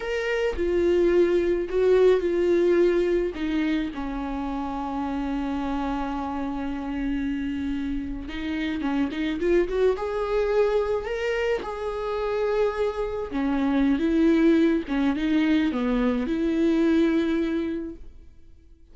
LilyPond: \new Staff \with { instrumentName = "viola" } { \time 4/4 \tempo 4 = 107 ais'4 f'2 fis'4 | f'2 dis'4 cis'4~ | cis'1~ | cis'2~ cis'8. dis'4 cis'16~ |
cis'16 dis'8 f'8 fis'8 gis'2 ais'16~ | ais'8. gis'2. cis'16~ | cis'4 e'4. cis'8 dis'4 | b4 e'2. | }